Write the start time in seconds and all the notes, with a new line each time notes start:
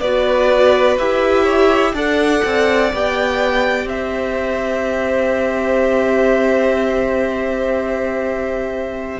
0.00 B3 F#4 B4 D5
0.98 E4 G4 E5
1.43 C#5
1.93 D4 A4 D5 F#5
2.44 C4
2.93 B3 G4 G5
3.85 C4 C5 E5